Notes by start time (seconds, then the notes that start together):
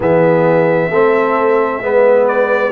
0.00 E3 B3 G#4 E5
0.89 A3 C4 A4
1.81 G#3 B3 B4
2.27 D5